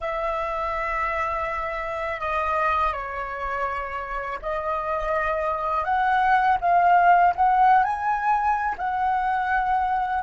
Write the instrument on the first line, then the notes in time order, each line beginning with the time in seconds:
flute
0.00 E5
2.20 D#5
2.93 C#5
4.42 D#5
5.84 F#5
6.61 F5
7.35 F#5
7.83 G#5
8.77 F#5